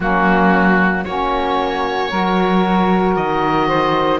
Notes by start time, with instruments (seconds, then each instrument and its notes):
0.00 cello F#3, saxophone A#3 C#4, oboe F#4
1.04 cello A#3, saxophone C#4 F#4, oboe C#5
2.09 cello F#3, saxophone F#4 A#4
3.15 cello D#3, oboe D#5
3.66 saxophone C5